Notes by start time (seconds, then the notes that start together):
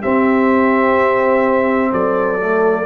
0.00 C4 G4 E5
1.91 F#3 A4 D5
2.39 A3